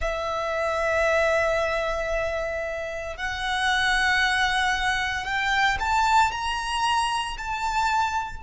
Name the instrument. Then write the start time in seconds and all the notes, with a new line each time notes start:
violin
0.00 E5
3.16 F#5
5.24 G5
5.79 A5
6.32 A#5
7.37 A5